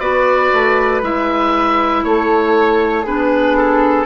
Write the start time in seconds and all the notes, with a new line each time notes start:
0.00 B3 F#4 B4 D5
0.53 A3
1.02 G#3 E4 E5
2.04 A3 A4 C#5
3.04 B3 D4 G#4 B4
3.57 A4